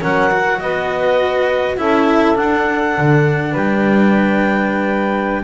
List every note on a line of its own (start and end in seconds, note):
0.00 0.61 F#3
0.00 0.30 C#4
0.00 0.59 A#4
0.00 0.59 F#5
0.31 1.77 F#4
0.59 1.79 B3
0.59 1.78 B4
0.59 1.77 D#5
1.77 2.37 C#4
1.77 2.35 E4
1.77 3.51 A4
1.77 2.36 E5
2.35 5.43 D4
2.35 2.96 D4
2.35 3.54 F#5
2.98 3.54 D3
3.51 5.43 G3
3.51 5.42 B4
3.51 5.43 G5